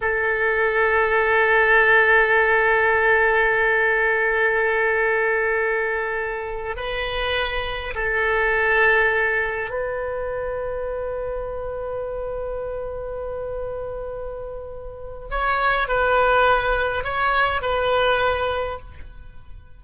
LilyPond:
\new Staff \with { instrumentName = "oboe" } { \time 4/4 \tempo 4 = 102 a'1~ | a'1~ | a'2.~ a'8 b'8~ | b'4. a'2~ a'8~ |
a'8 b'2.~ b'8~ | b'1~ | b'2 cis''4 b'4~ | b'4 cis''4 b'2 | }